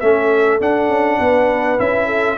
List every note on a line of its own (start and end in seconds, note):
0.00 0.60 A3
0.00 0.61 C#4
0.00 1.19 A4
0.00 0.59 E5
0.60 0.89 D4
0.60 1.78 D4
0.60 1.80 F#5
0.89 1.19 C#4
1.19 1.79 B3
1.19 2.07 B4
1.78 2.38 C#4
1.78 2.38 E4
1.78 2.38 E5
2.07 2.37 A4